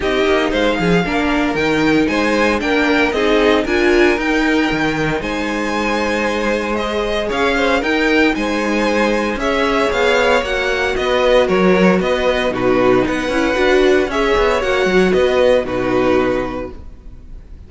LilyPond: <<
  \new Staff \with { instrumentName = "violin" } { \time 4/4 \tempo 4 = 115 dis''4 f''2 g''4 | gis''4 g''4 dis''4 gis''4 | g''2 gis''2~ | gis''4 dis''4 f''4 g''4 |
gis''2 e''4 f''4 | fis''4 dis''4 cis''4 dis''4 | b'4 fis''2 e''4 | fis''4 dis''4 b'2 | }
  \new Staff \with { instrumentName = "violin" } { \time 4/4 g'4 c''8 gis'8 ais'2 | c''4 ais'4 gis'4 ais'4~ | ais'2 c''2~ | c''2 cis''8 c''8 ais'4 |
c''2 cis''2~ | cis''4 b'4 ais'4 b'4 | fis'4 b'2 cis''4~ | cis''4 b'4 fis'2 | }
  \new Staff \with { instrumentName = "viola" } { \time 4/4 dis'2 d'4 dis'4~ | dis'4 d'4 dis'4 f'4 | dis'1~ | dis'4 gis'2 dis'4~ |
dis'2 gis'2 | fis'1 | dis'4. e'8 fis'4 gis'4 | fis'2 dis'2 | }
  \new Staff \with { instrumentName = "cello" } { \time 4/4 c'8 ais8 gis8 f8 ais4 dis4 | gis4 ais4 c'4 d'4 | dis'4 dis4 gis2~ | gis2 cis'4 dis'4 |
gis2 cis'4 b4 | ais4 b4 fis4 b4 | b,4 b8 cis'8 d'4 cis'8 b8 | ais8 fis8 b4 b,2 | }
>>